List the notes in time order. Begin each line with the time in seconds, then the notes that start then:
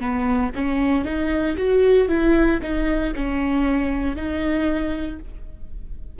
0.00 B3
0.55 C#4
1.04 D#4
1.57 F#4
2.08 E4
2.62 D#4
3.15 C#4
4.16 D#4